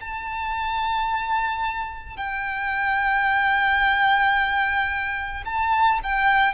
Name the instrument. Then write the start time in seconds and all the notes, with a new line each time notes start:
violin
0.00 A5
2.17 G5
5.45 A5
6.03 G5